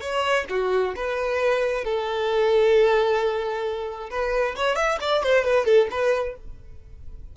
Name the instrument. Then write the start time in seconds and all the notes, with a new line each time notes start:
violin
0.00 C#5
0.49 F#4
0.95 B4
1.84 A4
4.10 B4
4.56 C#5
4.75 E5
5.00 D5
5.23 C5
5.44 B4
5.65 A4
5.90 B4